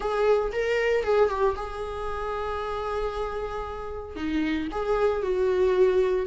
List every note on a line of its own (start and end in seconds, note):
0.00 0.51 G#4
0.52 1.03 A#4
1.03 1.29 G#4
1.29 1.55 G4
1.56 4.15 G#4
4.15 4.68 D#4
4.71 5.22 G#4
5.22 6.26 F#4